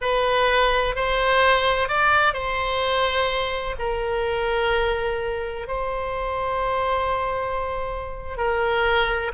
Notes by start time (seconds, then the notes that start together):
0.01 B4
0.95 C5
1.88 D5
2.33 C5
3.78 A#4
5.67 C5
8.37 A#4